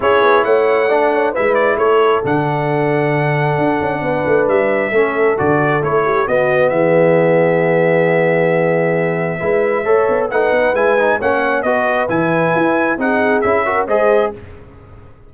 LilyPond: <<
  \new Staff \with { instrumentName = "trumpet" } { \time 4/4 \tempo 4 = 134 cis''4 fis''2 e''8 d''8 | cis''4 fis''2.~ | fis''2 e''2 | d''4 cis''4 dis''4 e''4~ |
e''1~ | e''2. fis''4 | gis''4 fis''4 dis''4 gis''4~ | gis''4 fis''4 e''4 dis''4 | }
  \new Staff \with { instrumentName = "horn" } { \time 4/4 gis'4 cis''4 d''8 cis''8 b'4 | a'1~ | a'4 b'2 a'4~ | a'4. g'8 fis'4 gis'4~ |
gis'1~ | gis'4 b'4 cis''4 b'4~ | b'4 cis''4 b'2~ | b'4 gis'4. ais'8 c''4 | }
  \new Staff \with { instrumentName = "trombone" } { \time 4/4 e'2 d'4 e'4~ | e'4 d'2.~ | d'2. cis'4 | fis'4 e'4 b2~ |
b1~ | b4 e'4 a'4 dis'4 | e'8 dis'8 cis'4 fis'4 e'4~ | e'4 dis'4 e'8 fis'8 gis'4 | }
  \new Staff \with { instrumentName = "tuba" } { \time 4/4 cis'8 b8 a2 gis4 | a4 d2. | d'8 cis'8 b8 a8 g4 a4 | d4 a4 b4 e4~ |
e1~ | e4 gis4 a8 b8 a8 b8 | gis4 ais4 b4 e4 | e'4 c'4 cis'4 gis4 | }
>>